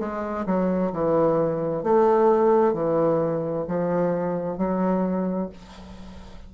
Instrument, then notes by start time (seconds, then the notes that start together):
bassoon
0.00 G#3
0.46 F#3
0.93 E3
1.83 A3
2.74 E3
3.68 F3
4.58 F#3